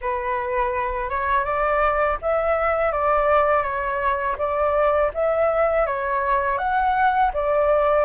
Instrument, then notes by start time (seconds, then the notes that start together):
flute
0.01 B4
1.09 C#5
1.44 D5
2.21 E5
2.92 D5
3.62 C#5
4.37 D5
5.14 E5
5.86 C#5
6.58 F#5
7.33 D5